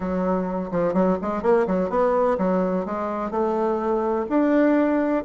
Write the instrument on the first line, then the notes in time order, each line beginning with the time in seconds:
bassoon
0.00 F#3
0.71 F3
0.93 F#3
1.21 G#3
1.42 A#3
1.66 F#3
1.89 B3
2.38 F#3
2.85 G#3
3.31 A3
4.29 D4